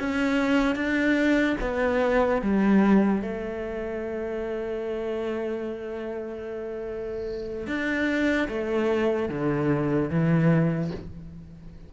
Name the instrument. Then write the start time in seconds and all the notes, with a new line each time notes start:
cello
0.00 C#4
0.76 D4
1.61 B3
2.42 G3
3.22 A3
7.67 D4
8.49 A3
9.29 D3
10.10 E3